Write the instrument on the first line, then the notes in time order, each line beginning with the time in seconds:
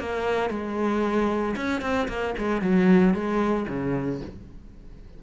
cello
0.00 A#3
0.50 G#3
1.57 C#4
1.82 C4
2.09 A#3
2.39 G#3
2.62 F#3
3.14 G#3
3.69 C#3